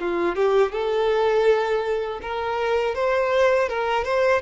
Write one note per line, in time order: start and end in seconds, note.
0.00 0.35 F4
0.35 0.72 G4
0.72 2.20 A4
2.22 2.95 A#4
2.95 3.69 C5
3.69 4.04 A#4
4.04 4.41 C5